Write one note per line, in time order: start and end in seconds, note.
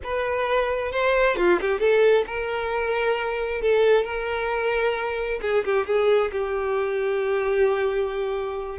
0.03 0.91 B4
0.91 1.36 C5
1.36 1.59 F4
1.60 1.79 G4
1.79 2.24 A4
2.26 3.61 A#4
3.61 4.04 A4
4.04 5.40 A#4
5.41 5.64 G#4
5.64 5.86 G4
5.86 6.31 G#4
6.32 8.78 G4